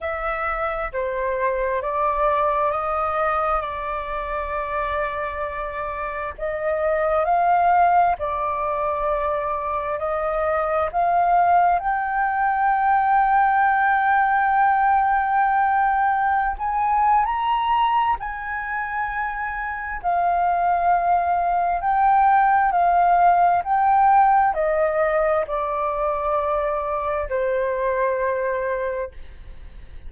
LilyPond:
\new Staff \with { instrumentName = "flute" } { \time 4/4 \tempo 4 = 66 e''4 c''4 d''4 dis''4 | d''2. dis''4 | f''4 d''2 dis''4 | f''4 g''2.~ |
g''2~ g''16 gis''8. ais''4 | gis''2 f''2 | g''4 f''4 g''4 dis''4 | d''2 c''2 | }